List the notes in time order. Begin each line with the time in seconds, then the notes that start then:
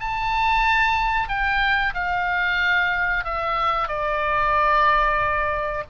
0.00 A5
1.28 G5
1.94 F5
3.24 E5
3.88 D5